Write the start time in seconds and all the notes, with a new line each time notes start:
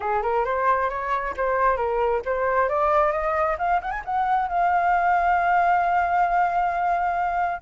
0.00 G#4
0.22 A#4
0.45 C5
0.89 C#5
1.37 C5
1.76 A#4
2.25 C5
2.68 D5
3.12 D#5
3.58 F5
3.81 F#5
3.90 G#5
4.04 F#5
4.48 F5